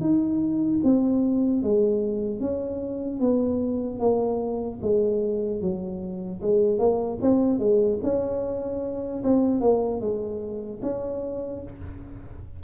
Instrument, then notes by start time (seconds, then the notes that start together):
tuba
0.00 D#4
0.83 C4
1.63 G#3
2.40 C#4
3.20 B3
3.99 A#3
4.82 G#3
5.61 F#3
6.41 G#3
6.79 A#3
7.21 C4
7.59 G#3
8.03 C#4
9.24 C4
9.61 A#3
10.01 G#3
10.82 C#4